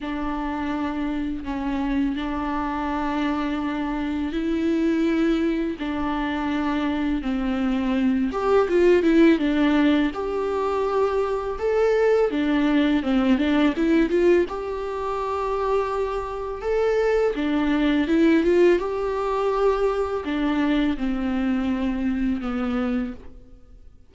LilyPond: \new Staff \with { instrumentName = "viola" } { \time 4/4 \tempo 4 = 83 d'2 cis'4 d'4~ | d'2 e'2 | d'2 c'4. g'8 | f'8 e'8 d'4 g'2 |
a'4 d'4 c'8 d'8 e'8 f'8 | g'2. a'4 | d'4 e'8 f'8 g'2 | d'4 c'2 b4 | }